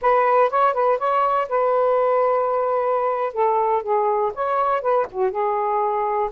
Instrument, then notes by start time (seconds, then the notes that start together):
saxophone
0.01 B4
0.50 C#5
0.73 B4
0.98 C#5
1.48 B4
3.33 A4
3.82 G#4
4.34 C#5
4.81 B4
5.11 F#4
5.31 G#4